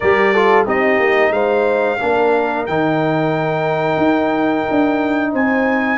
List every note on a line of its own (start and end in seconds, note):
0.00 0.66 G3
0.00 0.34 G4
0.00 0.33 A#4
0.00 0.65 D5
0.33 0.65 F4
0.33 0.65 A4
0.65 0.99 C4
0.65 1.99 D#4
0.65 1.32 G4
0.65 1.32 D#5
0.99 1.30 A#3
1.30 1.97 G#3
1.30 1.99 C5
1.30 2.65 F5
2.00 2.68 A#3
2.00 2.67 D4
2.00 5.31 A#4
2.66 3.97 D#3
2.66 5.97 D#4
2.66 5.33 G5
3.97 4.64 D#4
4.71 5.33 D4
5.31 5.97 C4
5.31 5.97 C5
5.31 5.97 G#5